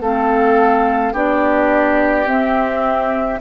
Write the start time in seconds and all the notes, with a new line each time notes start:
0.00 A3 C4 A4 F5
1.13 B3 D4 G4 D5
2.26 C4 E5